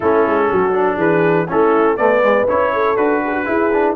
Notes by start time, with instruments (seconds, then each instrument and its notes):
0.00 tuba A3, trombone C#4, horn E4, trumpet A4
0.25 tuba G#3
0.50 tuba F#3, horn F#4
0.72 trombone D4
0.96 tuba E3, horn G#4, trumpet B4
1.48 tuba A3, trombone C#4, horn E4, trumpet A4
1.97 trombone A3, tuba B3, horn B4, trumpet D5
2.22 trombone G#3
2.47 tuba C#4, trombone E4, trumpet C#5
2.73 horn A4
2.96 tuba D4, trombone F#4, trumpet B4
3.24 horn G#4
3.32 horn F#4
3.45 trombone E4, tuba E4, horn G#4
3.72 trombone D4